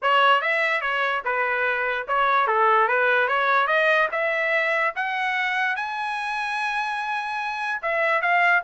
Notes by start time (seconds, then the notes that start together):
0.02 C#5
0.41 E5
0.81 C#5
1.25 B4
2.07 C#5
2.47 A4
2.87 B4
3.28 C#5
3.67 D#5
4.11 E5
4.95 F#5
5.76 G#5
7.82 E5
8.21 F5